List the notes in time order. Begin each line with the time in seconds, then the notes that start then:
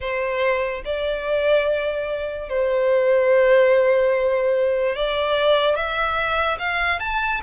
0.00 C5
0.84 D5
2.49 C5
4.95 D5
5.75 E5
6.58 F5
6.99 A5